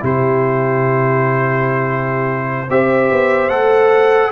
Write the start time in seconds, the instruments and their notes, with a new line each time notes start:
0.00 tuba C3, trombone E4, horn G4, trumpet C5
2.70 tuba C4, trombone G4, horn C5, trumpet E5
3.12 tuba B3
3.49 tuba A3, trombone A4, trumpet F#5